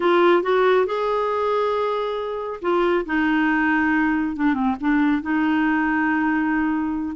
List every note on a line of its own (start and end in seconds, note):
0.00 0.42 F4
0.42 0.86 F#4
0.86 2.60 G#4
2.61 3.05 F4
3.05 4.35 D#4
4.35 4.53 D4
4.53 4.75 C4
4.80 5.22 D4
5.22 7.16 D#4